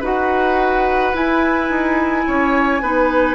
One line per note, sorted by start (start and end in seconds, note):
0.00 1.13 D#4
0.00 1.13 F#4
0.00 2.22 B4
0.00 1.16 F#5
1.13 2.80 E4
1.13 1.69 E4
1.13 3.35 G#5
1.69 2.25 D#4
2.27 2.81 C#4
2.27 2.82 C#5
2.81 3.35 B3
2.81 3.35 D#4
2.81 3.35 B4